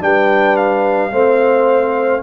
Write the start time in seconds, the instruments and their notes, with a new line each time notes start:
0.00 tuba G3, trombone D4, horn B4, trumpet G5
0.56 trumpet F5
1.12 tuba A3, trombone C4, horn C5